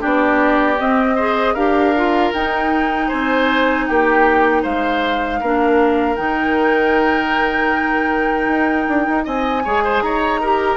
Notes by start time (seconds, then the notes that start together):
0.00 B3 D4 G4 D5
0.80 C4 D#5
1.16 G#4 C5
1.54 D4 G4 A#4 F5
1.97 F4
2.33 D#4 G5
3.08 C4 C5 G#5
3.87 A#3 G4 G5
4.63 G#3 C5 F5
5.41 A#3 D4 A#4
6.17 D#3 D#4 G5
8.48 D#4
8.88 D4
9.08 D#4
9.25 C4 D#5 G#5
9.65 G#3 G#4 C#5
9.84 C5
10.02 D#4 C#5 A#5
10.41 G4 A#4